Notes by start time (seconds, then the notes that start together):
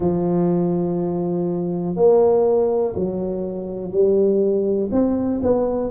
0.00 F3
1.96 A#3
2.96 F#3
3.91 G3
4.91 C4
5.42 B3